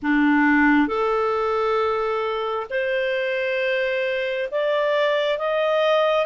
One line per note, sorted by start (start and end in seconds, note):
0.02 0.87 D4
0.87 2.66 A4
2.70 4.49 C5
4.51 5.38 D5
5.38 6.26 D#5